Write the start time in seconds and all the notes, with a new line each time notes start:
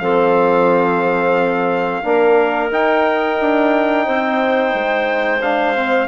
0.00 F3 C4 A4 F5
2.04 A#3 D4 A#4
2.71 D#4 G5
3.41 D4
4.06 C4 C5
4.75 G#3
5.42 D4 F5
5.76 C4